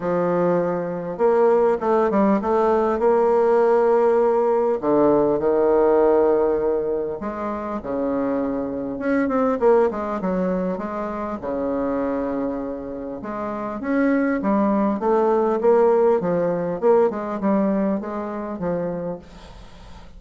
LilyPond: \new Staff \with { instrumentName = "bassoon" } { \time 4/4 \tempo 4 = 100 f2 ais4 a8 g8 | a4 ais2. | d4 dis2. | gis4 cis2 cis'8 c'8 |
ais8 gis8 fis4 gis4 cis4~ | cis2 gis4 cis'4 | g4 a4 ais4 f4 | ais8 gis8 g4 gis4 f4 | }